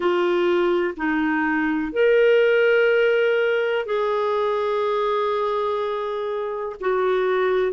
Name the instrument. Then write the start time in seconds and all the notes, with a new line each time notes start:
clarinet
0.00 F4
0.97 D#4
1.92 A#4
3.85 G#4
6.80 F#4